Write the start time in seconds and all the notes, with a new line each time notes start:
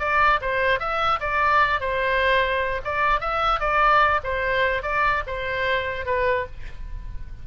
0.00 D5
0.41 C5
0.80 E5
1.20 D5
1.81 C5
2.85 D5
3.21 E5
3.61 D5
4.24 C5
4.83 D5
5.27 C5
6.06 B4